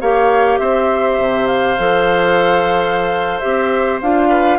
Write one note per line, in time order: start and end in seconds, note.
0.00 0.58 A#3
0.00 1.78 G4
0.00 0.59 C#5
0.00 0.58 F5
0.58 1.18 C4
0.58 4.28 C5
0.58 1.47 E5
1.18 1.77 C3
1.47 3.39 F5
1.78 3.41 F3
1.78 3.41 A4
3.39 4.01 C4
3.39 4.00 G4
3.39 3.99 E5
4.01 4.59 D4
4.01 4.59 F4
4.01 4.59 F5
4.28 4.58 B4